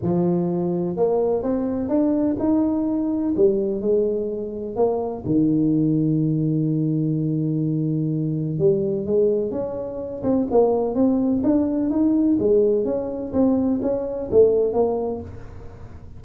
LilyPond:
\new Staff \with { instrumentName = "tuba" } { \time 4/4 \tempo 4 = 126 f2 ais4 c'4 | d'4 dis'2 g4 | gis2 ais4 dis4~ | dis1~ |
dis2 g4 gis4 | cis'4. c'8 ais4 c'4 | d'4 dis'4 gis4 cis'4 | c'4 cis'4 a4 ais4 | }